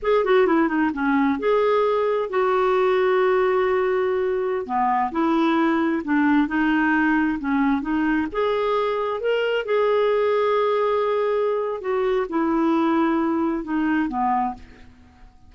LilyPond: \new Staff \with { instrumentName = "clarinet" } { \time 4/4 \tempo 4 = 132 gis'8 fis'8 e'8 dis'8 cis'4 gis'4~ | gis'4 fis'2.~ | fis'2~ fis'16 b4 e'8.~ | e'4~ e'16 d'4 dis'4.~ dis'16~ |
dis'16 cis'4 dis'4 gis'4.~ gis'16~ | gis'16 ais'4 gis'2~ gis'8.~ | gis'2 fis'4 e'4~ | e'2 dis'4 b4 | }